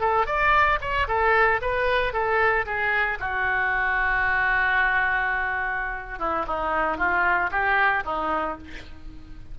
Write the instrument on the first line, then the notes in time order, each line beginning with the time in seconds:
oboe
0.00 A4
0.26 D5
0.81 C#5
1.08 A4
1.61 B4
2.13 A4
2.65 G#4
3.20 F#4
6.19 E4
6.47 D#4
6.97 F4
7.51 G4
8.05 D#4